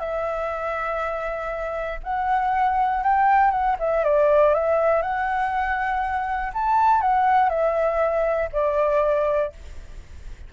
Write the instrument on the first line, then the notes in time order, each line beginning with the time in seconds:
flute
0.00 E5
2.03 F#5
3.03 G5
3.51 F#5
3.79 E5
4.04 D5
4.54 E5
5.02 F#5
6.54 A5
7.01 F#5
7.50 E5
8.53 D5